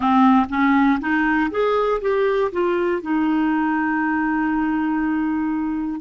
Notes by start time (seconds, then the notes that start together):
0.00 C4
0.49 C#4
1.00 D#4
1.50 G#4
2.00 G4
2.52 F4
3.02 D#4